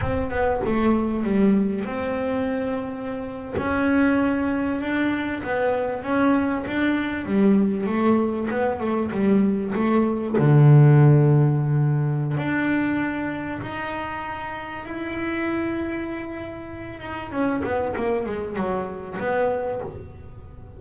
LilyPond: \new Staff \with { instrumentName = "double bass" } { \time 4/4 \tempo 4 = 97 c'8 b8 a4 g4 c'4~ | c'4.~ c'16 cis'2 d'16~ | d'8. b4 cis'4 d'4 g16~ | g8. a4 b8 a8 g4 a16~ |
a8. d2.~ d16 | d'2 dis'2 | e'2.~ e'8 dis'8 | cis'8 b8 ais8 gis8 fis4 b4 | }